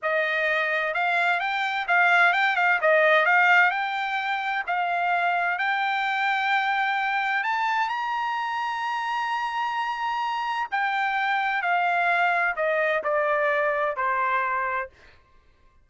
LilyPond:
\new Staff \with { instrumentName = "trumpet" } { \time 4/4 \tempo 4 = 129 dis''2 f''4 g''4 | f''4 g''8 f''8 dis''4 f''4 | g''2 f''2 | g''1 |
a''4 ais''2.~ | ais''2. g''4~ | g''4 f''2 dis''4 | d''2 c''2 | }